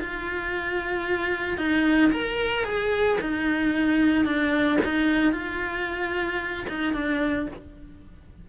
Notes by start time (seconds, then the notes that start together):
0.00 F4
1.58 D#4
2.12 A#4
2.65 G#4
3.21 D#4
4.25 D4
4.84 D#4
5.32 F4
6.69 D#4
6.94 D4